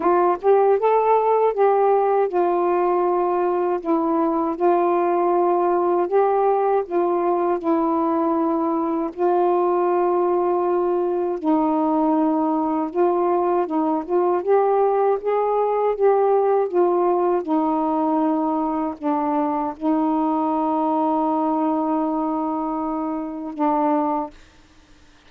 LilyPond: \new Staff \with { instrumentName = "saxophone" } { \time 4/4 \tempo 4 = 79 f'8 g'8 a'4 g'4 f'4~ | f'4 e'4 f'2 | g'4 f'4 e'2 | f'2. dis'4~ |
dis'4 f'4 dis'8 f'8 g'4 | gis'4 g'4 f'4 dis'4~ | dis'4 d'4 dis'2~ | dis'2. d'4 | }